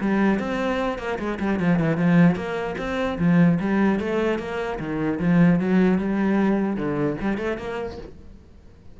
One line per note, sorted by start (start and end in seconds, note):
0.00 0.39 G3
0.39 0.98 C4
0.98 1.18 A#3
1.18 1.38 G#3
1.39 1.59 G3
1.59 1.79 F3
1.79 1.97 E3
1.97 2.35 F3
2.35 2.75 A#3
2.78 3.18 C4
3.18 3.58 F3
3.60 3.99 G3
3.99 4.39 A3
4.39 4.79 A#3
4.79 5.19 D#3
5.19 5.59 F3
5.59 5.98 F#3
5.98 6.76 G3
6.76 7.16 D3
7.21 7.37 G3
7.37 7.57 A3
7.57 7.97 A#3